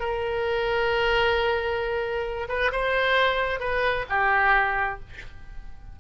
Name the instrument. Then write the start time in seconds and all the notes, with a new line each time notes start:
oboe
0.00 A#4
2.49 B4
2.72 C5
3.60 B4
4.10 G4